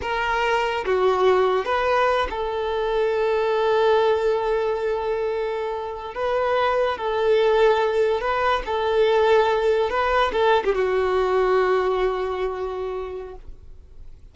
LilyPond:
\new Staff \with { instrumentName = "violin" } { \time 4/4 \tempo 4 = 144 ais'2 fis'2 | b'4. a'2~ a'8~ | a'1~ | a'2~ a'8. b'4~ b'16~ |
b'8. a'2. b'16~ | b'8. a'2. b'16~ | b'8. a'8. g'16 fis'2~ fis'16~ | fis'1 | }